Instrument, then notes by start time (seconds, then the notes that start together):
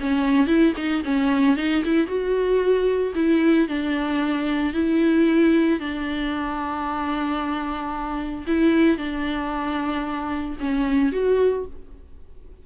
viola
0.00 C#4
0.47 E4
0.76 D#4
1.04 C#4
1.57 D#4
1.85 E4
2.07 F#4
3.15 E4
3.68 D4
4.73 E4
5.79 D4
8.47 E4
8.97 D4
10.60 C#4
11.12 F#4